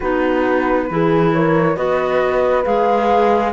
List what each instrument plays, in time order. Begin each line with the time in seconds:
0.00 cello B3, clarinet D#4, horn F#4, flute B4
0.90 cello E3, clarinet E4, horn G#4
1.33 horn A#4, flute C#5
1.75 cello B3, clarinet F#4, horn B4, flute D#5
2.64 cello G#3, clarinet G#4, flute F5